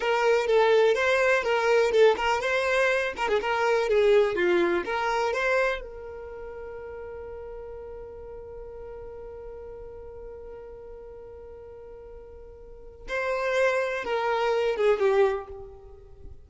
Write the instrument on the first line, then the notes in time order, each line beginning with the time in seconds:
violin
0.00 A#4
0.46 A4
0.94 C5
1.43 A#4
1.91 A4
2.16 A#4
2.40 C5
3.16 A#4
3.28 G#4
3.41 A#4
3.88 G#4
4.35 F4
4.85 A#4
5.33 C5
5.81 A#4
13.08 C5
14.04 A#4
14.76 G#4
14.99 G4